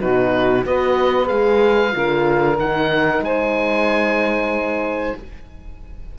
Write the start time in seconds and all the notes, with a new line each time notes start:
0.00 B2 D#4 F#4 B4
0.63 B3 F#4 B4 D#5
1.25 G#3 G#4 F5
1.92 D3 F4 A#4
2.59 D#3 D#4 F#5
3.19 G#3 C5 G#5